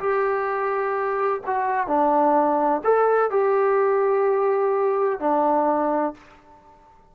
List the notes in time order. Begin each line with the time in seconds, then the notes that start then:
0.00 G4
1.47 F#4
1.87 D4
2.84 A4
3.31 G4
5.20 D4